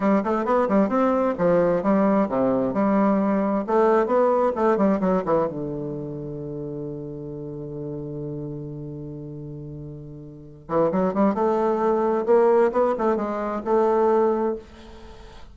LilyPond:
\new Staff \with { instrumentName = "bassoon" } { \time 4/4 \tempo 4 = 132 g8 a8 b8 g8 c'4 f4 | g4 c4 g2 | a4 b4 a8 g8 fis8 e8 | d1~ |
d1~ | d2.~ d8 e8 | fis8 g8 a2 ais4 | b8 a8 gis4 a2 | }